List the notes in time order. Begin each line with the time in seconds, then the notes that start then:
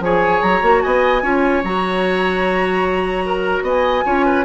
0.00 F3 G#4 C#5 G#5
0.42 F#3 A#5
0.62 A#3 F#4
0.82 B3 D#5 G#5
1.22 C#4 F4 C#5
1.64 F#3 F#4 A#5
3.25 A#4
3.62 B3 D#5 G#5
4.05 C#4 F4 C#5
4.25 B4